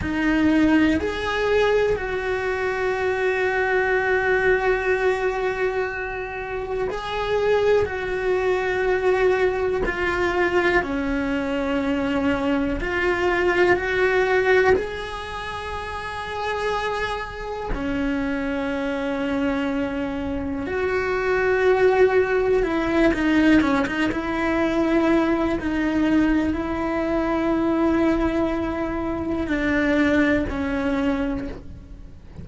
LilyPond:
\new Staff \with { instrumentName = "cello" } { \time 4/4 \tempo 4 = 61 dis'4 gis'4 fis'2~ | fis'2. gis'4 | fis'2 f'4 cis'4~ | cis'4 f'4 fis'4 gis'4~ |
gis'2 cis'2~ | cis'4 fis'2 e'8 dis'8 | cis'16 dis'16 e'4. dis'4 e'4~ | e'2 d'4 cis'4 | }